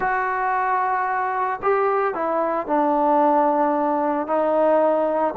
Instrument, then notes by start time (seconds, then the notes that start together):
trombone
0.00 F#4
1.62 G4
2.14 E4
2.66 D4
4.27 D#4